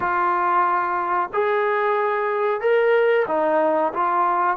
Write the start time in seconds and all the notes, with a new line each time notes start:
0.00 F4
1.33 G#4
2.61 A#4
3.27 D#4
3.93 F4